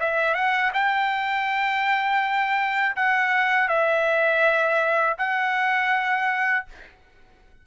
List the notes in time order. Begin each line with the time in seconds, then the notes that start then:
0.00 E5
0.34 F#5
0.73 G5
2.96 F#5
3.68 E5
5.18 F#5